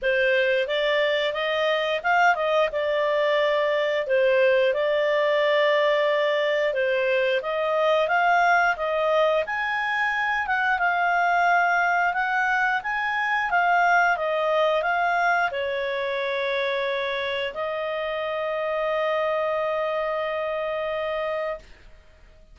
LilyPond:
\new Staff \with { instrumentName = "clarinet" } { \time 4/4 \tempo 4 = 89 c''4 d''4 dis''4 f''8 dis''8 | d''2 c''4 d''4~ | d''2 c''4 dis''4 | f''4 dis''4 gis''4. fis''8 |
f''2 fis''4 gis''4 | f''4 dis''4 f''4 cis''4~ | cis''2 dis''2~ | dis''1 | }